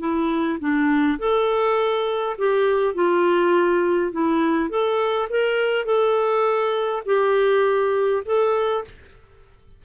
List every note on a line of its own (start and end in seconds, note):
0.00 0.59 E4
0.60 1.18 D4
1.19 2.37 A4
2.38 2.94 G4
2.94 4.12 F4
4.12 4.70 E4
4.70 5.28 A4
5.30 5.85 A#4
5.85 7.03 A4
7.06 8.24 G4
8.26 8.84 A4